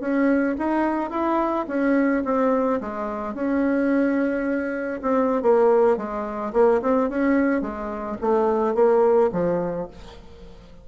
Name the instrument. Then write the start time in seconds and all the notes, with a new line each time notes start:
bassoon
0.00 C#4
0.58 D#4
1.10 E4
1.67 C#4
2.24 C4
2.80 G#3
3.34 C#4
5.02 C4
5.42 A#3
5.97 G#3
6.53 A#3
6.81 C4
7.09 C#4
7.61 G#3
8.21 A3
8.74 A#3
9.32 F3